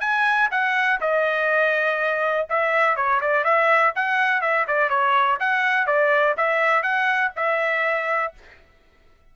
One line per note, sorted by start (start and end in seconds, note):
0.00 0.49 G#5
0.51 1.00 F#5
1.00 2.47 D#5
2.49 2.96 E5
2.96 3.21 C#5
3.21 3.44 D5
3.44 3.93 E5
3.96 4.41 F#5
4.41 4.66 E5
4.67 4.90 D5
4.90 5.38 C#5
5.40 5.86 F#5
5.86 6.35 D5
6.37 6.82 E5
6.82 7.31 F#5
7.36 8.34 E5